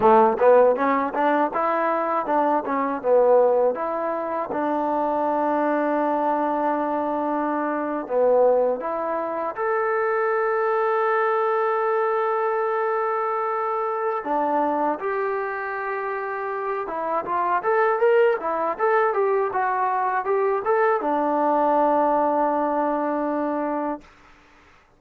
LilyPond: \new Staff \with { instrumentName = "trombone" } { \time 4/4 \tempo 4 = 80 a8 b8 cis'8 d'8 e'4 d'8 cis'8 | b4 e'4 d'2~ | d'2~ d'8. b4 e'16~ | e'8. a'2.~ a'16~ |
a'2. d'4 | g'2~ g'8 e'8 f'8 a'8 | ais'8 e'8 a'8 g'8 fis'4 g'8 a'8 | d'1 | }